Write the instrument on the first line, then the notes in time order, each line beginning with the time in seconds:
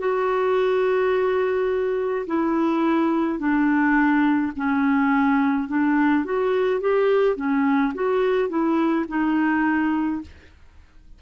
clarinet
0.00 F#4
2.27 E4
3.39 D4
4.57 C#4
5.69 D4
6.25 F#4
6.81 G4
7.37 C#4
7.95 F#4
8.49 E4
9.08 D#4